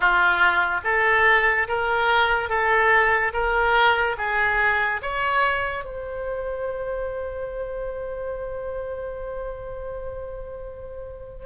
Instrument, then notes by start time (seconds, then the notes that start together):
oboe
0.00 F4
0.84 A4
1.67 A#4
2.48 A4
3.33 A#4
4.17 G#4
5.02 C#5
5.84 C5